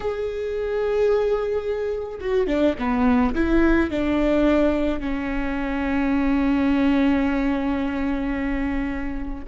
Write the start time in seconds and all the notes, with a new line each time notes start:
0.00 G#4
2.20 F#4
2.47 D4
2.78 B3
3.34 E4
3.90 D4
4.99 C#4